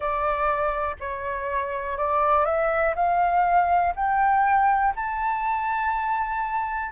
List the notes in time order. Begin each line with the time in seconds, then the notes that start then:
0.00 D5
1.00 C#5
1.97 D5
2.45 E5
2.95 F5
3.95 G5
4.95 A5